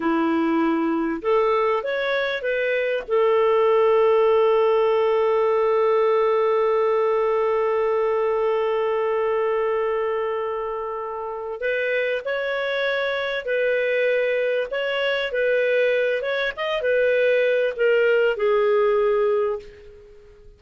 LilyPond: \new Staff \with { instrumentName = "clarinet" } { \time 4/4 \tempo 4 = 98 e'2 a'4 cis''4 | b'4 a'2.~ | a'1~ | a'1~ |
a'2. b'4 | cis''2 b'2 | cis''4 b'4. cis''8 dis''8 b'8~ | b'4 ais'4 gis'2 | }